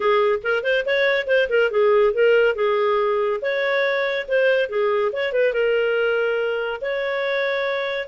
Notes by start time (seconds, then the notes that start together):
0.00 G#4
0.43 A#4
0.63 C5
0.85 C#5
1.27 C5
1.49 A#4
1.70 G#4
2.13 A#4
2.55 G#4
3.41 C#5
4.28 C5
4.69 G#4
5.12 C#5
5.32 B4
5.53 A#4
6.81 C#5